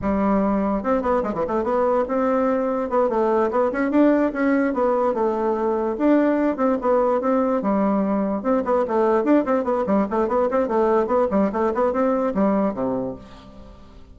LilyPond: \new Staff \with { instrumentName = "bassoon" } { \time 4/4 \tempo 4 = 146 g2 c'8 b8 gis16 e16 a8 | b4 c'2 b8 a8~ | a8 b8 cis'8 d'4 cis'4 b8~ | b8 a2 d'4. |
c'8 b4 c'4 g4.~ | g8 c'8 b8 a4 d'8 c'8 b8 | g8 a8 b8 c'8 a4 b8 g8 | a8 b8 c'4 g4 c4 | }